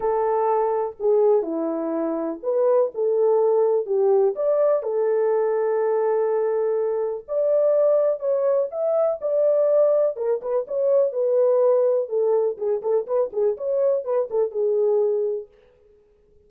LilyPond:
\new Staff \with { instrumentName = "horn" } { \time 4/4 \tempo 4 = 124 a'2 gis'4 e'4~ | e'4 b'4 a'2 | g'4 d''4 a'2~ | a'2. d''4~ |
d''4 cis''4 e''4 d''4~ | d''4 ais'8 b'8 cis''4 b'4~ | b'4 a'4 gis'8 a'8 b'8 gis'8 | cis''4 b'8 a'8 gis'2 | }